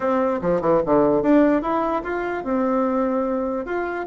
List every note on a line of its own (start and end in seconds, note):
0.00 0.40 C4
0.41 0.61 F3
0.61 0.81 E3
0.85 1.22 D3
1.22 1.61 D4
1.61 2.02 E4
2.03 2.43 F4
2.44 3.65 C4
3.65 4.06 F4